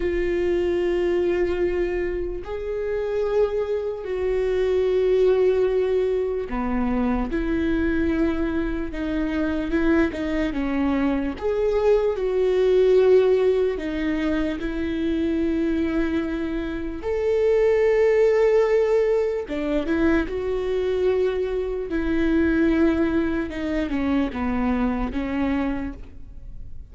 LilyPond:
\new Staff \with { instrumentName = "viola" } { \time 4/4 \tempo 4 = 74 f'2. gis'4~ | gis'4 fis'2. | b4 e'2 dis'4 | e'8 dis'8 cis'4 gis'4 fis'4~ |
fis'4 dis'4 e'2~ | e'4 a'2. | d'8 e'8 fis'2 e'4~ | e'4 dis'8 cis'8 b4 cis'4 | }